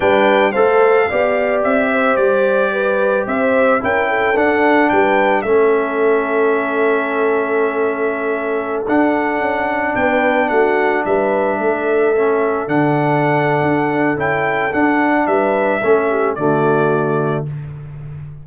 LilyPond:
<<
  \new Staff \with { instrumentName = "trumpet" } { \time 4/4 \tempo 4 = 110 g''4 f''2 e''4 | d''2 e''4 g''4 | fis''4 g''4 e''2~ | e''1~ |
e''16 fis''2 g''4 fis''8.~ | fis''16 e''2. fis''8.~ | fis''2 g''4 fis''4 | e''2 d''2 | }
  \new Staff \with { instrumentName = "horn" } { \time 4/4 b'4 c''4 d''4. c''8~ | c''4 b'4 c''4 ais'8 a'8~ | a'4 b'4 a'2~ | a'1~ |
a'2~ a'16 b'4 fis'8.~ | fis'16 b'4 a'2~ a'8.~ | a'1 | b'4 a'8 g'8 fis'2 | }
  \new Staff \with { instrumentName = "trombone" } { \time 4/4 d'4 a'4 g'2~ | g'2. e'4 | d'2 cis'2~ | cis'1~ |
cis'16 d'2.~ d'8.~ | d'2~ d'16 cis'4 d'8.~ | d'2 e'4 d'4~ | d'4 cis'4 a2 | }
  \new Staff \with { instrumentName = "tuba" } { \time 4/4 g4 a4 b4 c'4 | g2 c'4 cis'4 | d'4 g4 a2~ | a1~ |
a16 d'4 cis'4 b4 a8.~ | a16 g4 a2 d8.~ | d4 d'4 cis'4 d'4 | g4 a4 d2 | }
>>